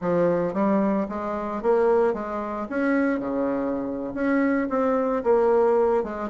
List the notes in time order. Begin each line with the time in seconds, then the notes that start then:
0.01 F3
0.53 G3
1.08 G#3
1.62 A#3
2.13 G#3
2.69 C#4
3.19 C#3
4.14 C#4
4.69 C4
5.23 A#3
6.03 G#3